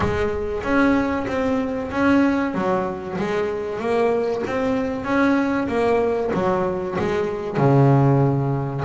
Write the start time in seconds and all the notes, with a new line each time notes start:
0.00 G#3
0.63 C#4
1.27 C4
1.91 C#4
2.54 F#3
3.18 G#3
3.79 A#3
4.46 C4
5.04 C#4
5.68 A#3
6.34 F#3
6.98 G#3
7.57 C#3